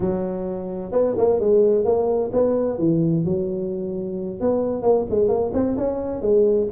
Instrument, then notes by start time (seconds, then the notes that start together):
tuba
0.00 F#3
0.91 B3
1.17 A#3
1.40 G#3
1.84 A#3
2.32 B3
2.78 E3
3.24 F#3
4.40 B3
4.82 A#3
5.10 G#3
5.28 A#3
5.53 C4
5.77 C#4
6.21 G#3